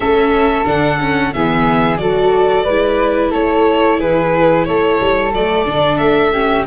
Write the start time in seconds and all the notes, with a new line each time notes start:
0.00 A3 C#4 A4 E5
0.64 D3 D4 F#5
0.99 C#4
1.33 E3 B3 G#4 E5
1.97 F#3 F#4 A4 D5
2.64 G#3 E4 B4
3.30 A3 A4 C#5
3.98 E3 G#4 B4
4.65 A3 A4 C#5
5.00 G3
5.33 F#3 A3 D5
5.65 D3 D4
5.97 A3 E5
6.32 C#4 G4